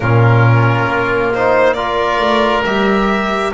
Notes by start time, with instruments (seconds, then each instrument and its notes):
0.00 double bass A#2, trombone C#4, oboe F4, violin A#4
0.86 double bass A#3
1.33 trombone D#4, violin C5
1.73 trombone F4, oboe A#4, violin D5
2.19 double bass A3
2.64 double bass G3, trombone G4, violin E5